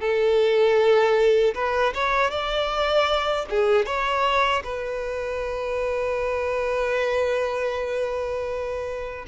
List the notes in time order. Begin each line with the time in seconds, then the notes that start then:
0.00 A4
1.55 B4
1.94 C#5
2.30 D5
3.50 G#4
3.86 C#5
4.64 B4